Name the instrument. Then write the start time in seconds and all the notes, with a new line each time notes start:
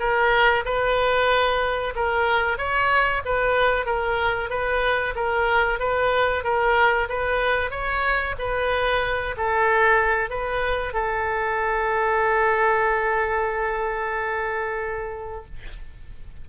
oboe
0.00 A#4
0.65 B4
1.96 A#4
2.58 C#5
3.26 B4
3.86 A#4
4.50 B4
5.16 A#4
5.80 B4
6.44 A#4
7.09 B4
7.71 C#5
8.39 B4
9.37 A4
10.30 B4
10.94 A4